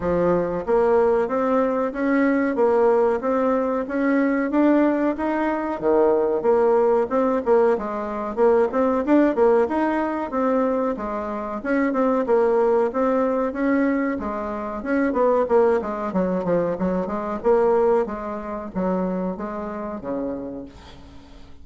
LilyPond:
\new Staff \with { instrumentName = "bassoon" } { \time 4/4 \tempo 4 = 93 f4 ais4 c'4 cis'4 | ais4 c'4 cis'4 d'4 | dis'4 dis4 ais4 c'8 ais8 | gis4 ais8 c'8 d'8 ais8 dis'4 |
c'4 gis4 cis'8 c'8 ais4 | c'4 cis'4 gis4 cis'8 b8 | ais8 gis8 fis8 f8 fis8 gis8 ais4 | gis4 fis4 gis4 cis4 | }